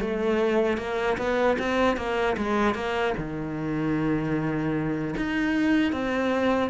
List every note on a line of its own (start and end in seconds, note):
0.00 0.77 A3
0.77 1.17 A#3
1.17 1.57 B3
1.58 1.97 C4
1.97 2.36 A#3
2.37 2.74 G#3
2.74 3.14 A#3
3.17 5.15 D#3
5.16 5.92 D#4
5.92 6.70 C4